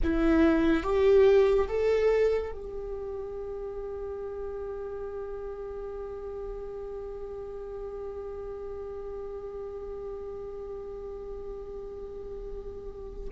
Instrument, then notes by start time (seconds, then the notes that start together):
viola
0.03 E4
0.83 G4
1.67 A4
2.52 G4